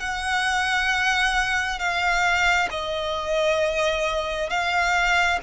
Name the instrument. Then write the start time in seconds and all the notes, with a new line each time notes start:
violin
0.00 F#5
1.79 F5
2.71 D#5
4.50 F5